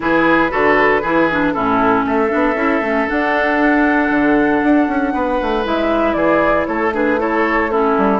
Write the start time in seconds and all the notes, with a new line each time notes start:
0.00 E3 E4 G#4 B4
0.49 D3 F#4 A4
1.01 E3 E4 G#4
1.30 D4
1.52 A2 C#4 E4 A4
2.05 A3 A4 E5
2.28 B3 D4
2.54 C#4 E4
2.80 A3 C#4
3.07 D4 F#5
4.10 D3
4.63 D4
4.87 C#4
5.13 B3 B4
5.41 A3
5.64 G#3 E4 E5
6.13 E3 G#4 D5
6.65 A3 A4 C#5
6.92 D4 G#4 B4
7.18 E4 A4 C#5
7.70 C#4 E4 A4
7.97 G3